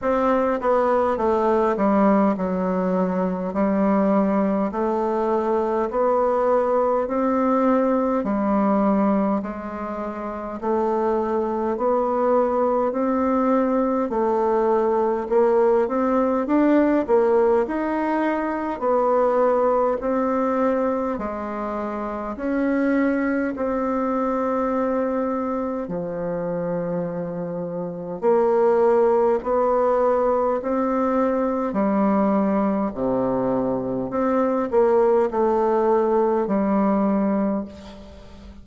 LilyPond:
\new Staff \with { instrumentName = "bassoon" } { \time 4/4 \tempo 4 = 51 c'8 b8 a8 g8 fis4 g4 | a4 b4 c'4 g4 | gis4 a4 b4 c'4 | a4 ais8 c'8 d'8 ais8 dis'4 |
b4 c'4 gis4 cis'4 | c'2 f2 | ais4 b4 c'4 g4 | c4 c'8 ais8 a4 g4 | }